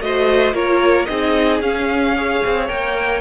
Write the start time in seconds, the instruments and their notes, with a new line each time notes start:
0.00 cello A3, viola F#4, violin C5 D#5
0.53 cello A#3, viola F4, violin A#4 C#5
1.05 cello C4, viola D#4, violin G#4 D#5
1.60 cello C#4, viola C#4, violin F5
2.16 viola G#4, violin C#5
2.45 cello C4
2.68 cello A#3, viola A#4, violin G5